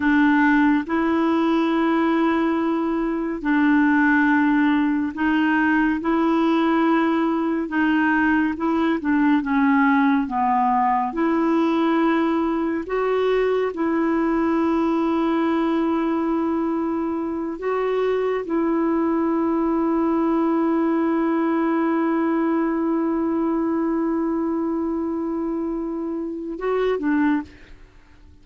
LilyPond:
\new Staff \with { instrumentName = "clarinet" } { \time 4/4 \tempo 4 = 70 d'4 e'2. | d'2 dis'4 e'4~ | e'4 dis'4 e'8 d'8 cis'4 | b4 e'2 fis'4 |
e'1~ | e'8 fis'4 e'2~ e'8~ | e'1~ | e'2. fis'8 d'8 | }